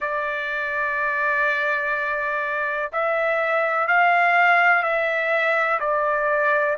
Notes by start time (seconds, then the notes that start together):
0.00 D5
2.92 E5
3.87 F5
4.83 E5
5.79 D5